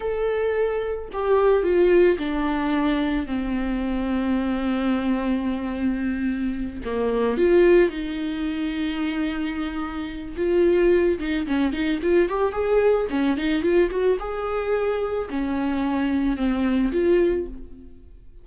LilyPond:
\new Staff \with { instrumentName = "viola" } { \time 4/4 \tempo 4 = 110 a'2 g'4 f'4 | d'2 c'2~ | c'1~ | c'8 ais4 f'4 dis'4.~ |
dis'2. f'4~ | f'8 dis'8 cis'8 dis'8 f'8 g'8 gis'4 | cis'8 dis'8 f'8 fis'8 gis'2 | cis'2 c'4 f'4 | }